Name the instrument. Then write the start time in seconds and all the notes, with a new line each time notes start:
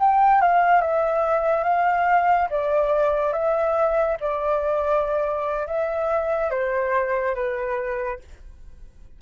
flute
0.00 G5
0.41 F5
0.81 E5
1.64 F5
2.50 D5
3.33 E5
4.21 D5
5.67 E5
6.50 C5
7.35 B4